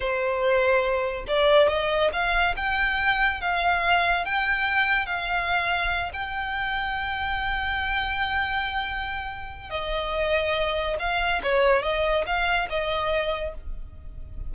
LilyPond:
\new Staff \with { instrumentName = "violin" } { \time 4/4 \tempo 4 = 142 c''2. d''4 | dis''4 f''4 g''2 | f''2 g''2 | f''2~ f''8 g''4.~ |
g''1~ | g''2. dis''4~ | dis''2 f''4 cis''4 | dis''4 f''4 dis''2 | }